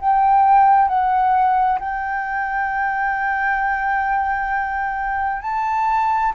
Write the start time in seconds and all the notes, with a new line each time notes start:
0.00 G5
0.88 F#5
1.79 G5
5.42 A5